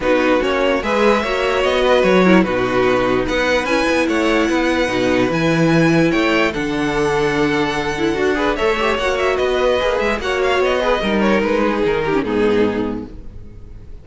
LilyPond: <<
  \new Staff \with { instrumentName = "violin" } { \time 4/4 \tempo 4 = 147 b'4 cis''4 e''2 | dis''4 cis''4 b'2 | fis''4 gis''4 fis''2~ | fis''4 gis''2 g''4 |
fis''1~ | fis''4 e''4 fis''8 e''8 dis''4~ | dis''8 e''8 fis''8 f''8 dis''4. cis''8 | b'4 ais'4 gis'2 | }
  \new Staff \with { instrumentName = "violin" } { \time 4/4 fis'2 b'4 cis''4~ | cis''8 b'4 ais'8 fis'2 | b'2 cis''4 b'4~ | b'2. cis''4 |
a'1~ | a'8 b'8 cis''2 b'4~ | b'4 cis''4. b'8 ais'4~ | ais'8 gis'4 g'8 dis'2 | }
  \new Staff \with { instrumentName = "viola" } { \time 4/4 dis'4 cis'4 gis'4 fis'4~ | fis'4. e'8 dis'2~ | dis'4 e'2. | dis'4 e'2. |
d'2.~ d'8 e'8 | fis'8 gis'8 a'8 g'8 fis'2 | gis'4 fis'4. gis'8 dis'4~ | dis'4.~ dis'16 cis'16 b2 | }
  \new Staff \with { instrumentName = "cello" } { \time 4/4 b4 ais4 gis4 ais4 | b4 fis4 b,2 | b4 cis'8 b8 a4 b4 | b,4 e2 a4 |
d1 | d'4 a4 ais4 b4 | ais8 gis8 ais4 b4 g4 | gis4 dis4 gis,2 | }
>>